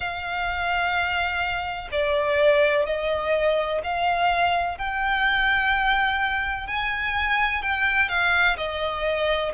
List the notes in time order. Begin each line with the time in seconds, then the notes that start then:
0.00 F5
1.91 D5
2.86 D#5
3.84 F5
4.77 G5
6.67 G#5
7.62 G5
8.08 F5
8.56 D#5